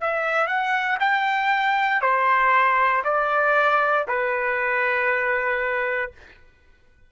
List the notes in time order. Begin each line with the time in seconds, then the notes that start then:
0.00 E5
0.47 F#5
0.99 G5
2.01 C5
3.04 D5
4.08 B4